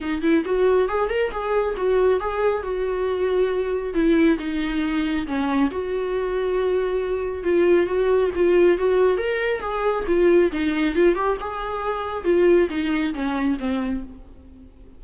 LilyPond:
\new Staff \with { instrumentName = "viola" } { \time 4/4 \tempo 4 = 137 dis'8 e'8 fis'4 gis'8 ais'8 gis'4 | fis'4 gis'4 fis'2~ | fis'4 e'4 dis'2 | cis'4 fis'2.~ |
fis'4 f'4 fis'4 f'4 | fis'4 ais'4 gis'4 f'4 | dis'4 f'8 g'8 gis'2 | f'4 dis'4 cis'4 c'4 | }